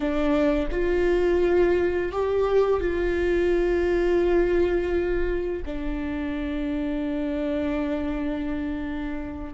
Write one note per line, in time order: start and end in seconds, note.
0.00 0.68 D4
0.71 2.12 F4
2.12 2.80 G4
2.80 5.62 F4
5.65 9.53 D4